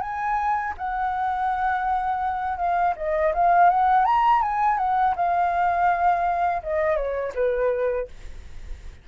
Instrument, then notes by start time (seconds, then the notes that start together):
flute
0.00 G#5
0.77 F#5
2.57 F5
2.96 D#5
3.33 F5
3.70 F#5
4.05 A#5
4.42 G#5
4.78 F#5
5.16 F5
6.62 D#5
6.96 C#5
7.34 B4